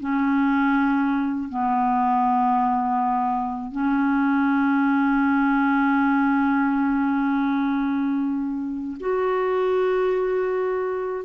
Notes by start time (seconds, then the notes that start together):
0.00 C#4
1.49 B3
3.72 C#4
9.00 F#4